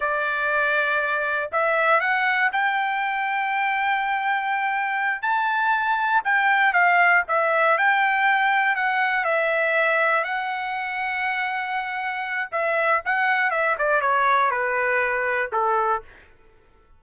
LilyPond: \new Staff \with { instrumentName = "trumpet" } { \time 4/4 \tempo 4 = 120 d''2. e''4 | fis''4 g''2.~ | g''2~ g''8 a''4.~ | a''8 g''4 f''4 e''4 g''8~ |
g''4. fis''4 e''4.~ | e''8 fis''2.~ fis''8~ | fis''4 e''4 fis''4 e''8 d''8 | cis''4 b'2 a'4 | }